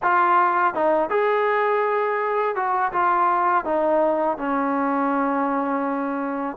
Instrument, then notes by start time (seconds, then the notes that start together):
trombone
0.02 F4
0.74 D#4
1.09 G#4
2.55 F#4
2.92 F4
3.64 D#4
4.37 C#4